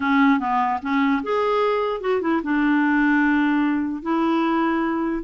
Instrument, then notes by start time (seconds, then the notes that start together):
clarinet
0.00 C#4
0.39 B3
0.82 C#4
1.23 G#4
2.00 F#4
2.21 E4
2.43 D4
4.02 E4